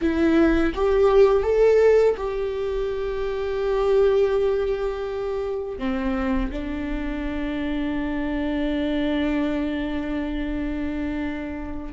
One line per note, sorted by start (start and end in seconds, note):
0.01 0.73 E4
0.74 1.43 G4
1.43 2.15 A4
2.17 5.78 G4
5.78 6.50 C4
6.51 11.93 D4